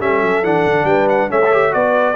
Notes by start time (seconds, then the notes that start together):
0.00 G3 C#4 A4 E5
0.22 F#3
0.43 E3 D4 F#5
0.65 D3
0.84 G3 B4 G5
1.09 F#5
1.30 A3 C#4 C#5 E5
1.45 A4
1.53 G4
1.71 B3 F#4 B4 D5